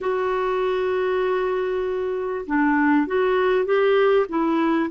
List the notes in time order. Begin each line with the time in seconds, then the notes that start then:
0.00 F#4
2.46 D4
3.06 F#4
3.65 G4
4.28 E4